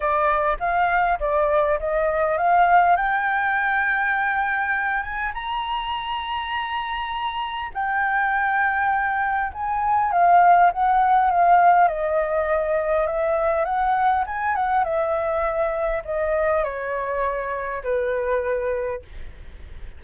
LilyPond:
\new Staff \with { instrumentName = "flute" } { \time 4/4 \tempo 4 = 101 d''4 f''4 d''4 dis''4 | f''4 g''2.~ | g''8 gis''8 ais''2.~ | ais''4 g''2. |
gis''4 f''4 fis''4 f''4 | dis''2 e''4 fis''4 | gis''8 fis''8 e''2 dis''4 | cis''2 b'2 | }